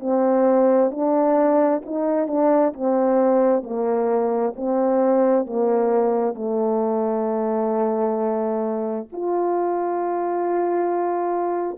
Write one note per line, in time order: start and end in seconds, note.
0.00 0.91 C4
0.91 1.82 D4
1.85 2.28 D#4
2.28 2.73 D4
2.74 3.63 C4
3.63 4.54 A#3
4.55 5.46 C4
5.46 6.34 A#3
6.34 9.07 A3
9.12 11.78 F4